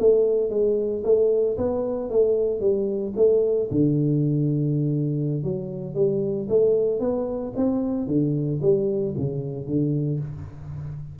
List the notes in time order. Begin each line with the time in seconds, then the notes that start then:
0.00 A3
0.50 G#3
1.04 A3
1.58 B3
2.10 A3
2.61 G3
3.17 A3
3.71 D3
5.44 F#3
5.95 G3
6.49 A3
7.00 B3
7.57 C4
8.07 D3
8.62 G3
9.17 C#3
9.67 D3